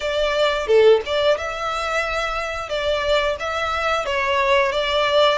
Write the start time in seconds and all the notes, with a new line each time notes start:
0.00 D5
0.67 A4
1.05 D5
1.37 E5
2.69 D5
3.39 E5
4.05 C#5
4.72 D5